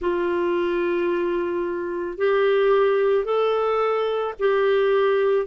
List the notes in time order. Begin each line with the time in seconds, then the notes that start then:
0.00 F4
2.17 G4
3.24 A4
4.39 G4